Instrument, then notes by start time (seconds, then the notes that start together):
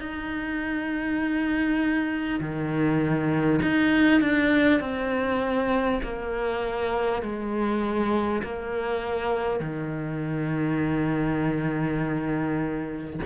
cello
0.00 D#4
2.41 D#3
3.63 D#4
4.22 D4
4.81 C4
6.03 A#3
7.22 G#3
8.43 A#3
9.60 D#3